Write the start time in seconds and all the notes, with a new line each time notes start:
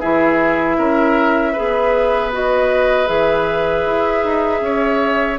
0.00 E3 E4 G#4 E5
0.78 C#4 A#4
1.53 B3 G#4 B4
2.32 F#4 D#5
3.06 E3 G#4 E5
3.86 E4
4.24 D#4
4.61 C#4 C#5